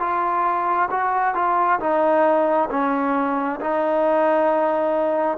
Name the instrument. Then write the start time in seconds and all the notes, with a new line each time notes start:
trombone
0.00 F4
0.91 F#4
1.35 F4
1.80 D#4
2.70 C#4
3.61 D#4